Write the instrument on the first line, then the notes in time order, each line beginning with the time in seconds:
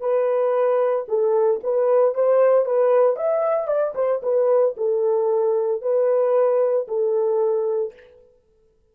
horn
0.00 B4
1.08 A4
1.63 B4
2.14 C5
2.65 B4
3.16 E5
3.67 D5
3.95 C5
4.22 B4
4.77 A4
5.82 B4
6.88 A4